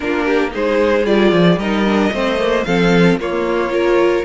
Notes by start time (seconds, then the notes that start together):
0.00 A#3 D4 F4 A#4
0.25 G4
0.50 G#3 D#4 G#4 C5
1.05 G3 F4 D5
1.32 F3
1.56 G3 D#4 A#4 D#5
1.86 D4
2.12 A3 C4 C5
2.39 A#3
2.64 F3 C4 A4 F5
3.16 A#3 F4 C#5
3.69 F4 A#4